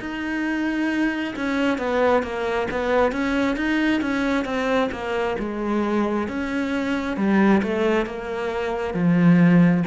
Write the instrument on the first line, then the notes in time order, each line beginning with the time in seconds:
cello
0.00 D#4
1.36 C#4
1.78 B3
2.23 A#3
2.71 B3
3.12 C#4
3.57 D#4
4.01 C#4
4.45 C4
4.92 A#3
5.39 G#3
6.28 C#4
7.17 G3
7.63 A3
8.06 A#3
8.94 F3